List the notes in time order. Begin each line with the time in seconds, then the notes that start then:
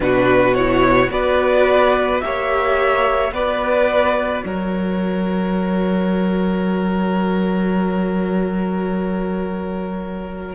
0.00 B2 D4 F#4 B4
0.54 E4 C#5
1.09 B3 F#4 B4 D5
2.20 A#3 G4 C#5 E5
3.30 B3 F#4 B4 D5
4.43 F#3 A#4 C#5